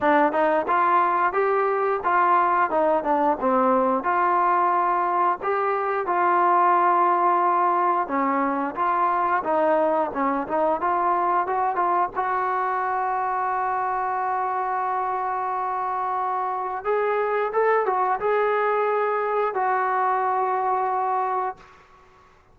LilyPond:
\new Staff \with { instrumentName = "trombone" } { \time 4/4 \tempo 4 = 89 d'8 dis'8 f'4 g'4 f'4 | dis'8 d'8 c'4 f'2 | g'4 f'2. | cis'4 f'4 dis'4 cis'8 dis'8 |
f'4 fis'8 f'8 fis'2~ | fis'1~ | fis'4 gis'4 a'8 fis'8 gis'4~ | gis'4 fis'2. | }